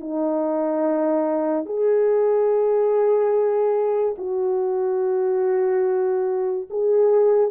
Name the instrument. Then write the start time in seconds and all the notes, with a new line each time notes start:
horn
0.00 D#4
1.65 G#4
4.18 F#4
6.70 G#4